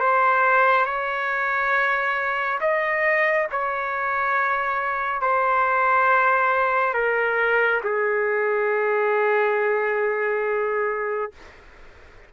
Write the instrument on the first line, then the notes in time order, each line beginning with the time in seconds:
trumpet
0.00 C5
0.86 C#5
2.61 D#5
3.52 C#5
5.22 C5
6.94 A#4
7.84 G#4